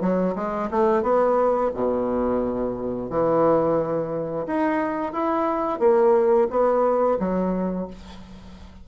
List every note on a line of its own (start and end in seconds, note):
0.00 0.34 F#3
0.35 0.69 G#3
0.70 1.02 A3
1.02 1.70 B3
1.74 3.10 B2
3.10 4.46 E3
4.46 5.12 D#4
5.12 5.79 E4
5.79 6.47 A#3
6.50 7.18 B3
7.19 7.87 F#3